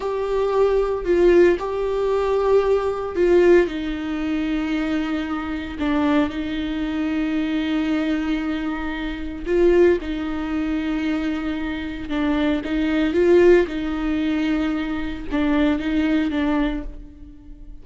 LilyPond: \new Staff \with { instrumentName = "viola" } { \time 4/4 \tempo 4 = 114 g'2 f'4 g'4~ | g'2 f'4 dis'4~ | dis'2. d'4 | dis'1~ |
dis'2 f'4 dis'4~ | dis'2. d'4 | dis'4 f'4 dis'2~ | dis'4 d'4 dis'4 d'4 | }